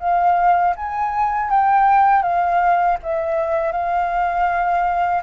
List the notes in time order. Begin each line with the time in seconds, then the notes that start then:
0.00 F5
0.76 G#5
1.50 G5
2.23 F5
3.03 E5
3.72 F5